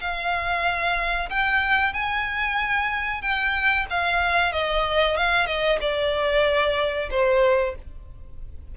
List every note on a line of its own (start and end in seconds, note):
0.00 1.29 F5
1.29 1.93 G5
1.93 3.21 G#5
3.21 3.86 G5
3.89 4.52 F5
4.52 5.16 D#5
5.16 5.46 F5
5.46 5.78 D#5
5.80 7.09 D5
7.10 7.74 C5